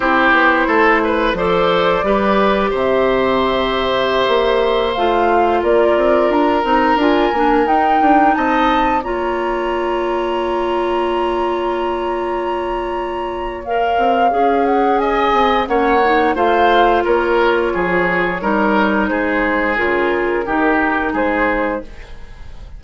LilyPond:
<<
  \new Staff \with { instrumentName = "flute" } { \time 4/4 \tempo 4 = 88 c''2 d''2 | e''2.~ e''16 f''8.~ | f''16 d''4 ais''4 gis''4 g''8.~ | g''16 a''4 ais''2~ ais''8.~ |
ais''1 | f''4. fis''8 gis''4 fis''4 | f''4 cis''2. | c''4 ais'2 c''4 | }
  \new Staff \with { instrumentName = "oboe" } { \time 4/4 g'4 a'8 b'8 c''4 b'4 | c''1~ | c''16 ais'2.~ ais'8.~ | ais'16 dis''4 cis''2~ cis''8.~ |
cis''1~ | cis''2 dis''4 cis''4 | c''4 ais'4 gis'4 ais'4 | gis'2 g'4 gis'4 | }
  \new Staff \with { instrumentName = "clarinet" } { \time 4/4 e'2 a'4 g'4~ | g'2.~ g'16 f'8.~ | f'4.~ f'16 dis'8 f'8 d'8 dis'8.~ | dis'4~ dis'16 f'2~ f'8.~ |
f'1 | ais'4 gis'2 cis'8 dis'8 | f'2. dis'4~ | dis'4 f'4 dis'2 | }
  \new Staff \with { instrumentName = "bassoon" } { \time 4/4 c'8 b8 a4 f4 g4 | c2~ c16 ais4 a8.~ | a16 ais8 c'8 d'8 c'8 d'8 ais8 dis'8 d'16~ | d'16 c'4 ais2~ ais8.~ |
ais1~ | ais8 c'8 cis'4. c'8 ais4 | a4 ais4 f4 g4 | gis4 cis4 dis4 gis4 | }
>>